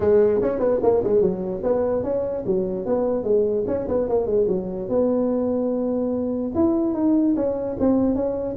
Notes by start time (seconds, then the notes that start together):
0.00 G#3
0.41 C#4
0.59 B3
0.82 A#3
1.03 G#3
1.21 F#3
1.63 B3
2.03 C#4
2.46 F#3
2.85 B3
3.23 G#3
3.67 C#4
3.88 B3
4.08 A#3
4.26 G#3
4.48 F#3
4.88 B3
6.54 E4
6.94 D#4
7.35 C#4
7.79 C4
8.15 C#4